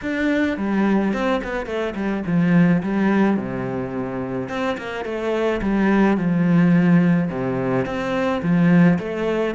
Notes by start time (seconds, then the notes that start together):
0.02 D4
0.57 G3
1.13 C4
1.43 B3
1.66 A3
1.95 G3
2.26 F3
2.83 G3
3.36 C3
4.49 C4
4.77 A#3
5.04 A3
5.61 G3
6.17 F3
7.30 C3
7.85 C4
8.42 F3
8.99 A3